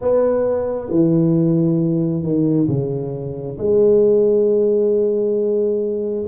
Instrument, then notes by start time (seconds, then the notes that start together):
tuba
0.01 B3
0.90 E3
2.22 D#3
2.68 C#3
3.57 G#3